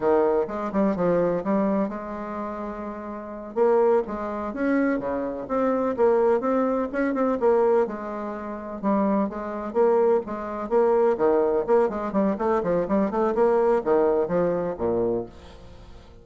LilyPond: \new Staff \with { instrumentName = "bassoon" } { \time 4/4 \tempo 4 = 126 dis4 gis8 g8 f4 g4 | gis2.~ gis8 ais8~ | ais8 gis4 cis'4 cis4 c'8~ | c'8 ais4 c'4 cis'8 c'8 ais8~ |
ais8 gis2 g4 gis8~ | gis8 ais4 gis4 ais4 dis8~ | dis8 ais8 gis8 g8 a8 f8 g8 a8 | ais4 dis4 f4 ais,4 | }